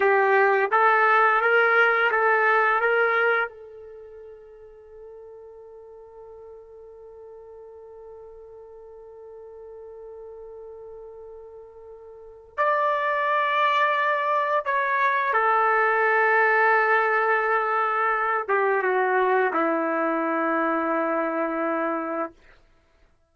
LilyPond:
\new Staff \with { instrumentName = "trumpet" } { \time 4/4 \tempo 4 = 86 g'4 a'4 ais'4 a'4 | ais'4 a'2.~ | a'1~ | a'1~ |
a'2 d''2~ | d''4 cis''4 a'2~ | a'2~ a'8 g'8 fis'4 | e'1 | }